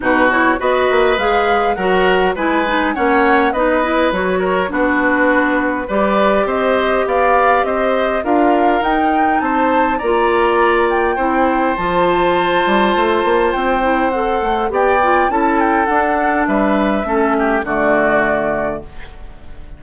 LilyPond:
<<
  \new Staff \with { instrumentName = "flute" } { \time 4/4 \tempo 4 = 102 b'8 cis''8 dis''4 f''4 fis''4 | gis''4 fis''4 dis''4 cis''4 | b'2 d''4 dis''4 | f''4 dis''4 f''4 g''4 |
a''4 ais''4. g''4. | a''2. g''4 | fis''4 g''4 a''8 g''8 fis''4 | e''2 d''2 | }
  \new Staff \with { instrumentName = "oboe" } { \time 4/4 fis'4 b'2 ais'4 | b'4 cis''4 b'4. ais'8 | fis'2 b'4 c''4 | d''4 c''4 ais'2 |
c''4 d''2 c''4~ | c''1~ | c''4 d''4 a'2 | b'4 a'8 g'8 fis'2 | }
  \new Staff \with { instrumentName = "clarinet" } { \time 4/4 dis'8 e'8 fis'4 gis'4 fis'4 | e'8 dis'8 cis'4 dis'8 e'8 fis'4 | d'2 g'2~ | g'2 f'4 dis'4~ |
dis'4 f'2 e'4 | f'2.~ f'8 e'8 | a'4 g'8 f'8 e'4 d'4~ | d'4 cis'4 a2 | }
  \new Staff \with { instrumentName = "bassoon" } { \time 4/4 b,4 b8 ais8 gis4 fis4 | gis4 ais4 b4 fis4 | b2 g4 c'4 | b4 c'4 d'4 dis'4 |
c'4 ais2 c'4 | f4. g8 a8 ais8 c'4~ | c'8 a8 b4 cis'4 d'4 | g4 a4 d2 | }
>>